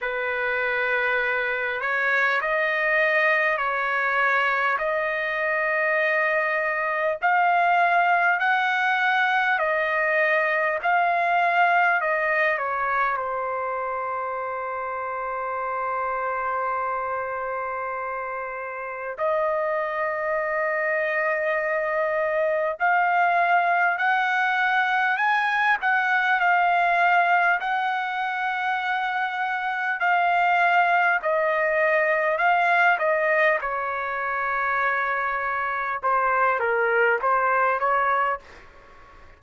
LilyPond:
\new Staff \with { instrumentName = "trumpet" } { \time 4/4 \tempo 4 = 50 b'4. cis''8 dis''4 cis''4 | dis''2 f''4 fis''4 | dis''4 f''4 dis''8 cis''8 c''4~ | c''1 |
dis''2. f''4 | fis''4 gis''8 fis''8 f''4 fis''4~ | fis''4 f''4 dis''4 f''8 dis''8 | cis''2 c''8 ais'8 c''8 cis''8 | }